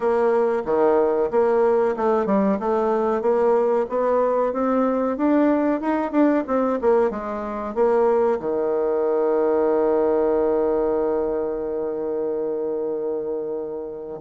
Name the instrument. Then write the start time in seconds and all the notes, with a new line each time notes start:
bassoon
0.00 A#3
0.65 D#3
1.30 A#3
1.96 A3
2.26 G3
2.59 A3
3.21 A#3
3.89 B3
4.52 C4
5.17 D4
5.80 D#4
6.11 D4
6.47 C4
6.81 A#3
7.10 G#3
7.74 A#3
8.39 D#3